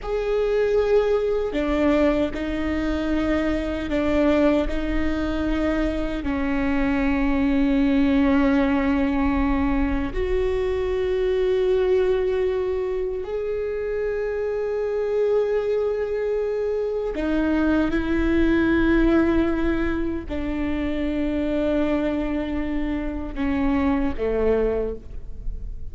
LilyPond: \new Staff \with { instrumentName = "viola" } { \time 4/4 \tempo 4 = 77 gis'2 d'4 dis'4~ | dis'4 d'4 dis'2 | cis'1~ | cis'4 fis'2.~ |
fis'4 gis'2.~ | gis'2 dis'4 e'4~ | e'2 d'2~ | d'2 cis'4 a4 | }